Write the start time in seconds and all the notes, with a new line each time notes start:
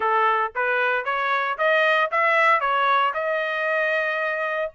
0.00 A4
0.55 B4
1.05 C#5
1.58 D#5
2.11 E5
2.60 C#5
3.13 D#5